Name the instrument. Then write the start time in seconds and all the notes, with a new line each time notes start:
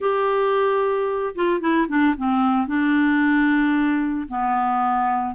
clarinet
0.00 G4
1.35 F4
1.60 E4
1.88 D4
2.17 C4
2.67 D4
4.28 B3